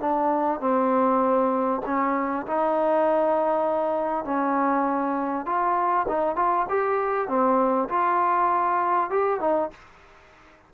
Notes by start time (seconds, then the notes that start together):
0.00 D4
0.60 C4
1.86 C#4
2.47 D#4
4.25 C#4
5.46 F4
6.08 D#4
6.36 F4
6.69 G4
7.28 C4
7.89 F4
9.10 G4
9.40 D#4